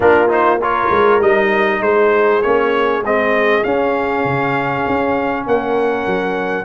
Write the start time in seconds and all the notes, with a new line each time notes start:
0.00 A#3 D4 F4 A#4
0.28 D#4 C5
0.60 F4 A#4 C#5
0.90 G#3
1.20 G3 D#4 D#5
1.80 G#3 G#4 C5
2.41 A#3 C#4 C#5
3.02 G#3 C4 D#5
3.63 C#4 F5
4.24 C#3
4.86 C#4
5.46 A#3 A#4 F#5
6.06 F#3